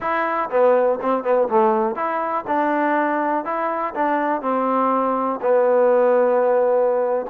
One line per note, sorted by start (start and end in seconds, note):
0.00 0.49 E4
0.50 0.99 B3
1.01 1.23 C4
1.23 1.48 B3
1.48 1.95 A3
1.95 2.44 E4
2.47 3.44 D4
3.44 3.94 E4
3.94 4.41 D4
4.41 5.40 C4
5.41 7.26 B3